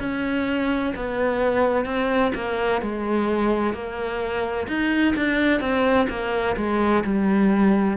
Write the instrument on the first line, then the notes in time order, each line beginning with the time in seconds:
cello
0.00 C#4
0.96 B3
1.86 C4
2.35 A#3
2.82 G#3
3.74 A#3
4.68 D#4
5.16 D4
5.61 C4
6.09 A#3
6.57 G#3
7.04 G3